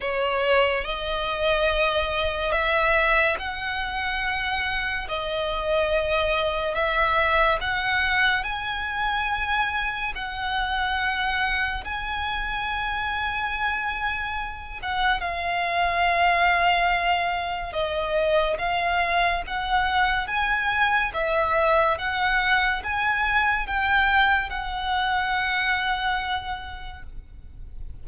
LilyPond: \new Staff \with { instrumentName = "violin" } { \time 4/4 \tempo 4 = 71 cis''4 dis''2 e''4 | fis''2 dis''2 | e''4 fis''4 gis''2 | fis''2 gis''2~ |
gis''4. fis''8 f''2~ | f''4 dis''4 f''4 fis''4 | gis''4 e''4 fis''4 gis''4 | g''4 fis''2. | }